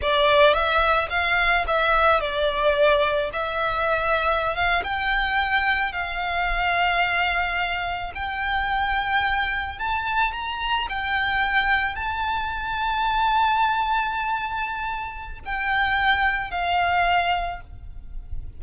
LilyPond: \new Staff \with { instrumentName = "violin" } { \time 4/4 \tempo 4 = 109 d''4 e''4 f''4 e''4 | d''2 e''2~ | e''16 f''8 g''2 f''4~ f''16~ | f''2~ f''8. g''4~ g''16~ |
g''4.~ g''16 a''4 ais''4 g''16~ | g''4.~ g''16 a''2~ a''16~ | a''1 | g''2 f''2 | }